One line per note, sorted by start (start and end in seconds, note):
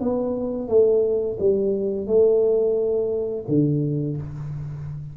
0.00 0.68 B3
0.68 1.37 A3
1.40 2.07 G3
2.07 3.45 A3
3.48 4.17 D3